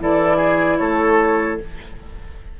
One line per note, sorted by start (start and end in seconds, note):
0.00 0.80 E3
0.00 1.60 E4
0.00 0.37 A4
0.00 0.78 D5
0.37 0.77 G#4
0.78 1.60 A3
0.78 1.60 A4
0.78 1.58 C#5